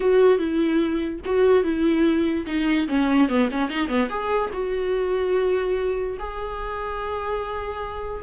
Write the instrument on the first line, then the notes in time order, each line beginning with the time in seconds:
viola
0.00 F#4
0.38 E4
1.25 F#4
1.63 E4
2.46 D#4
2.88 C#4
3.28 B3
3.51 C#4
3.69 D#4
3.88 B3
4.09 G#4
4.53 F#4
6.19 G#4